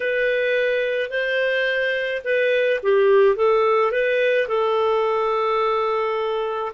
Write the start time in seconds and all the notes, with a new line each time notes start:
0.00 B4
1.10 C5
2.24 B4
2.82 G4
3.35 A4
3.91 B4
4.47 A4